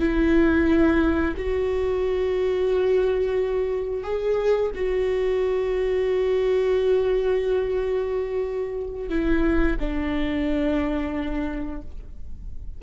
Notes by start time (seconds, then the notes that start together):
0.00 E4
1.37 F#4
4.04 G#4
4.75 F#4
9.09 E4
9.80 D4